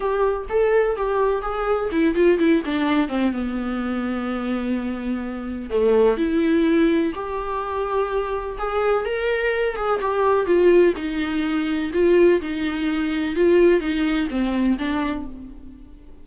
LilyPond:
\new Staff \with { instrumentName = "viola" } { \time 4/4 \tempo 4 = 126 g'4 a'4 g'4 gis'4 | e'8 f'8 e'8 d'4 c'8 b4~ | b1 | a4 e'2 g'4~ |
g'2 gis'4 ais'4~ | ais'8 gis'8 g'4 f'4 dis'4~ | dis'4 f'4 dis'2 | f'4 dis'4 c'4 d'4 | }